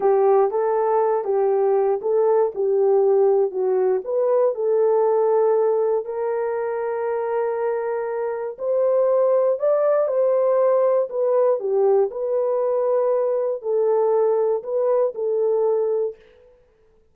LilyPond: \new Staff \with { instrumentName = "horn" } { \time 4/4 \tempo 4 = 119 g'4 a'4. g'4. | a'4 g'2 fis'4 | b'4 a'2. | ais'1~ |
ais'4 c''2 d''4 | c''2 b'4 g'4 | b'2. a'4~ | a'4 b'4 a'2 | }